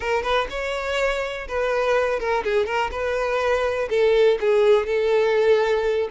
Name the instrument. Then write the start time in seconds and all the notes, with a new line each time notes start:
violin
0.00 A#4
0.22 B4
0.49 C#5
1.48 B4
2.19 A#4
2.44 G#4
2.66 A#4
2.91 B4
3.89 A4
4.40 G#4
4.86 A4